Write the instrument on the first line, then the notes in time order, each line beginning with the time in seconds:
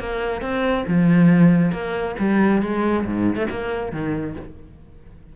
cello
0.00 A#3
0.42 C4
0.88 F3
1.72 A#3
2.19 G3
2.62 G#3
3.06 G#2
3.36 A3
3.50 A#3
3.92 D#3